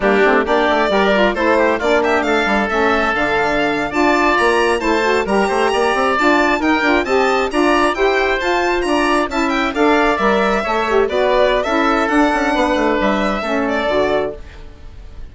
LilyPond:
<<
  \new Staff \with { instrumentName = "violin" } { \time 4/4 \tempo 4 = 134 g'4 d''2 c''4 | d''8 e''8 f''4 e''4 f''4~ | f''8. a''4 ais''4 a''4 ais''16~ | ais''4.~ ais''16 a''4 g''4 a''16~ |
a''8. ais''4 g''4 a''4 ais''16~ | ais''8. a''8 g''8 f''4 e''4~ e''16~ | e''8. d''4~ d''16 e''4 fis''4~ | fis''4 e''4. d''4. | }
  \new Staff \with { instrumentName = "oboe" } { \time 4/4 d'4 g'4 ais'4 a'8 g'8 | f'8 g'8 a'2.~ | a'8. d''2 c''4 ais'16~ | ais'16 c''8 d''2 ais'4 dis''16~ |
dis''8. d''4 c''2 d''16~ | d''8. e''4 d''2 cis''16~ | cis''8. b'4~ b'16 a'2 | b'2 a'2 | }
  \new Staff \with { instrumentName = "saxophone" } { \time 4/4 ais8 c'8 d'4 g'8 f'8 e'4 | d'2 cis'4 d'4~ | d'8. f'2 e'8 fis'8 g'16~ | g'4.~ g'16 f'4 dis'8 f'8 g'16~ |
g'8. f'4 g'4 f'4~ f'16~ | f'8. e'4 a'4 ais'4 a'16~ | a'16 g'8 fis'4~ fis'16 e'4 d'4~ | d'2 cis'4 fis'4 | }
  \new Staff \with { instrumentName = "bassoon" } { \time 4/4 g8 a8 ais8 a8 g4 a4 | ais4 a8 g8 a4 d4~ | d8. d'4 ais4 a4 g16~ | g16 a8 ais8 c'8 d'4 dis'8 d'8 c'16~ |
c'8. d'4 e'4 f'4 d'16~ | d'8. cis'4 d'4 g4 a16~ | a8. b4~ b16 cis'4 d'8 cis'8 | b8 a8 g4 a4 d4 | }
>>